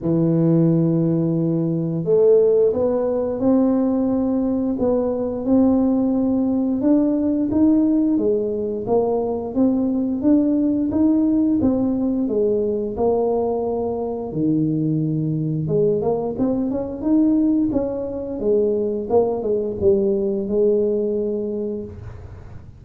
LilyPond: \new Staff \with { instrumentName = "tuba" } { \time 4/4 \tempo 4 = 88 e2. a4 | b4 c'2 b4 | c'2 d'4 dis'4 | gis4 ais4 c'4 d'4 |
dis'4 c'4 gis4 ais4~ | ais4 dis2 gis8 ais8 | c'8 cis'8 dis'4 cis'4 gis4 | ais8 gis8 g4 gis2 | }